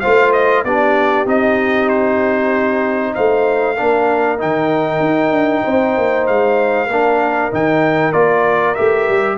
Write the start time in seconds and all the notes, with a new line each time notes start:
0.00 A3 F4 C5 F5
0.32 D#5
0.64 B3 D4 G4 D5
1.26 C4 D#4 D#5
1.89 C5
3.14 A3 C5 F5
3.77 A#3 D4 A#4
4.38 D#3 D#4 G5
5.00 D#4
5.31 D4
5.63 C4 C5
5.97 A#3
6.27 G#3 F5
6.86 A#3 D4 A#4
7.51 D#3 D#4 G5
8.12 A#3 F4 D5
8.74 A3 G4 E5
9.08 G3